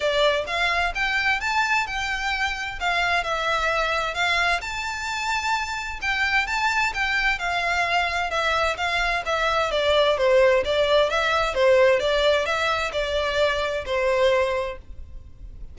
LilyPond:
\new Staff \with { instrumentName = "violin" } { \time 4/4 \tempo 4 = 130 d''4 f''4 g''4 a''4 | g''2 f''4 e''4~ | e''4 f''4 a''2~ | a''4 g''4 a''4 g''4 |
f''2 e''4 f''4 | e''4 d''4 c''4 d''4 | e''4 c''4 d''4 e''4 | d''2 c''2 | }